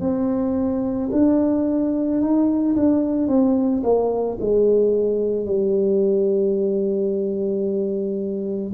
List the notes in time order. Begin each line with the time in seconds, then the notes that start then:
0.00 C4
1.12 D4
2.21 D#4
2.76 D4
3.28 C4
3.83 A#3
4.40 G#3
5.46 G3